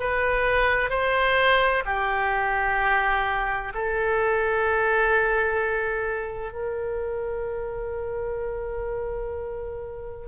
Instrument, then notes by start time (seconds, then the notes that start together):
oboe
0.00 B4
0.90 C5
1.86 G4
3.74 A4
6.53 A#4